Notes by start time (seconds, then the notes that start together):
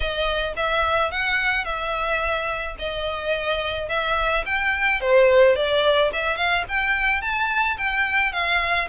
0.00 D#5
0.56 E5
1.11 F#5
1.64 E5
2.79 D#5
3.88 E5
4.45 G5
5.00 C5
5.55 D5
6.12 E5
6.36 F5
6.68 G5
7.21 A5
7.77 G5
8.32 F5